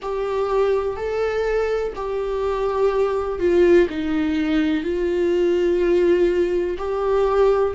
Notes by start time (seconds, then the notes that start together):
0.02 G4
0.96 A4
1.95 G4
3.39 F4
3.89 D#4
4.83 F4
6.77 G4